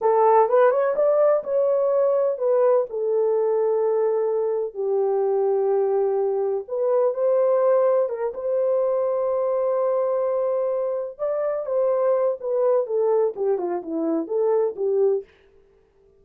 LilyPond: \new Staff \with { instrumentName = "horn" } { \time 4/4 \tempo 4 = 126 a'4 b'8 cis''8 d''4 cis''4~ | cis''4 b'4 a'2~ | a'2 g'2~ | g'2 b'4 c''4~ |
c''4 ais'8 c''2~ c''8~ | c''2.~ c''8 d''8~ | d''8 c''4. b'4 a'4 | g'8 f'8 e'4 a'4 g'4 | }